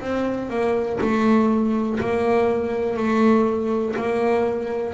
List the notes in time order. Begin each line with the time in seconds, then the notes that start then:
0.00 C4
0.49 A#3
1.01 A3
1.99 A#3
2.96 A3
3.96 A#3